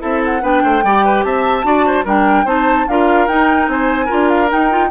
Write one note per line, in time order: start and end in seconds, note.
0.00 0.42 C4
0.00 0.41 E4
0.00 0.42 A4
0.00 0.23 E5
0.25 0.45 F#5
0.42 0.63 B3
0.42 0.83 D4
0.42 0.63 B4
0.42 1.24 G5
0.64 0.84 A3
0.64 0.84 C5
0.84 1.24 G3
0.84 1.64 G4
0.84 1.05 D5
1.05 1.25 B4
1.24 1.64 C4
1.24 1.66 E5
1.24 2.06 A5
1.64 2.05 D4
1.64 2.05 F#4
1.64 1.87 D5
1.87 2.05 C5
2.05 2.45 G3
2.05 2.47 D4
2.05 2.45 A#4
2.05 2.48 G5
2.45 2.86 C4
2.45 2.87 D#4
2.45 2.86 C5
2.45 2.88 A5
2.88 3.28 D4
2.88 3.30 F4
2.88 3.72 A#4
2.88 3.28 F5
3.28 3.68 D#4
3.28 4.08 D#4
3.28 3.69 G5
3.68 4.08 C4
3.68 4.06 C5
3.68 4.29 G#5
4.06 4.49 F4
4.06 4.87 A#4
4.12 4.53 D4
4.29 4.50 F5
4.50 4.70 D#4
4.50 4.91 D#4
4.50 4.91 G5
4.71 4.91 F4